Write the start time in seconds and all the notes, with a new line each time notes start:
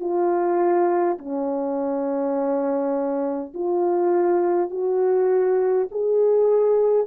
0.00 F4
1.18 C#4
3.53 F4
4.70 F#4
5.91 G#4